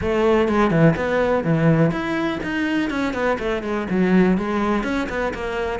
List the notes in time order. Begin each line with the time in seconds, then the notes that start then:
0.01 A3
0.48 G#3
0.70 E3
0.96 B3
1.44 E3
1.91 E4
2.43 D#4
2.89 C#4
3.13 B3
3.38 A3
3.62 G#3
3.90 F#3
4.37 G#3
4.83 C#4
5.09 B3
5.34 A#3